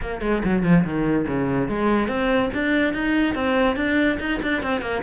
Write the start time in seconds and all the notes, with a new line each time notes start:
0.01 A#3
0.21 G#3
0.44 F#3
0.63 F3
0.84 D#3
1.27 C#3
1.68 G#3
2.08 C4
2.53 D4
2.93 D#4
3.35 C4
3.76 D4
4.19 D#4
4.42 D4
4.62 C4
4.81 A#3